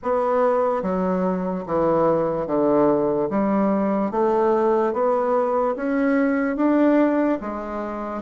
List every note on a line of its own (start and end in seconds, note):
0.02 0.82 B3
0.82 1.64 F#3
1.66 2.47 E3
2.47 3.29 D3
3.30 4.11 G3
4.11 4.93 A3
4.93 5.75 B3
5.75 6.56 C#4
6.56 7.38 D4
7.40 8.22 G#3